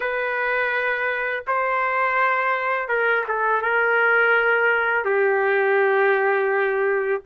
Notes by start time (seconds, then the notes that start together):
0.00 B4
1.47 C5
2.88 A#4
3.28 A4
3.61 A#4
5.04 G4